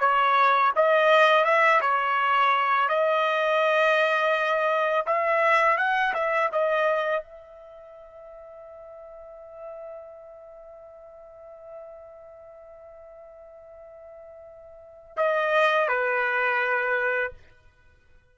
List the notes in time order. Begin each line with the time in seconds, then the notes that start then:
0.00 C#5
0.76 D#5
1.45 E5
1.81 C#5
2.89 D#5
5.06 E5
5.78 F#5
6.14 E5
6.52 D#5
7.23 E5
15.17 D#5
15.88 B4